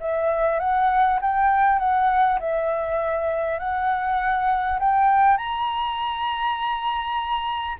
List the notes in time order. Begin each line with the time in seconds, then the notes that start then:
0.00 E5
0.59 F#5
1.21 G5
1.79 F#5
2.39 E5
3.59 F#5
4.79 G5
5.37 A#5